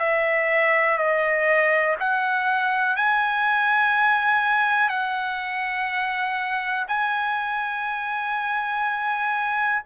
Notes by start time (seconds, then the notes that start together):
0.00 E5
0.98 D#5
2.00 F#5
2.97 G#5
4.89 F#5
6.89 G#5